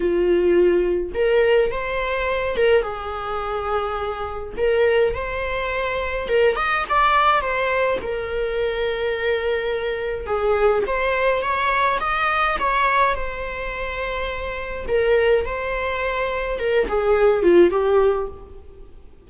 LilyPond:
\new Staff \with { instrumentName = "viola" } { \time 4/4 \tempo 4 = 105 f'2 ais'4 c''4~ | c''8 ais'8 gis'2. | ais'4 c''2 ais'8 dis''8 | d''4 c''4 ais'2~ |
ais'2 gis'4 c''4 | cis''4 dis''4 cis''4 c''4~ | c''2 ais'4 c''4~ | c''4 ais'8 gis'4 f'8 g'4 | }